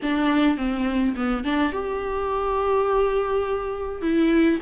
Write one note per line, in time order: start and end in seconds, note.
0.02 0.57 D4
0.57 1.15 C4
1.16 1.44 B3
1.44 1.72 D4
1.72 4.01 G4
4.01 4.59 E4